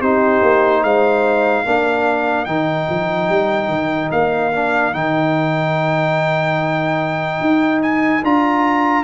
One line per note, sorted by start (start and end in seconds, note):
0.00 0.41 C4
0.00 1.65 D#4
0.00 0.82 G4
0.00 0.83 C5
0.42 0.83 A#3
0.83 1.65 G#3
0.83 1.63 C5
0.83 2.45 F5
1.63 2.46 A#3
1.63 2.47 D4
1.63 9.03 A#4
2.45 2.87 D#3
2.45 4.52 D#4
2.45 4.09 G5
2.89 3.29 F3
3.29 3.68 G3
3.68 4.09 D#3
4.11 4.94 A#3
4.11 4.93 F5
4.53 4.93 D4
4.93 7.40 D#3
4.93 8.22 D#4
4.93 7.81 G5
7.40 8.22 D#4
7.82 8.23 G#5
8.22 9.04 D4
8.22 9.04 F4
8.22 9.04 A#5